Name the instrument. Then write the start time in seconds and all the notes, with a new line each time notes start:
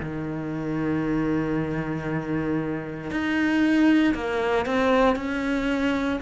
cello
0.00 D#3
3.10 D#4
4.14 A#3
4.66 C4
5.16 C#4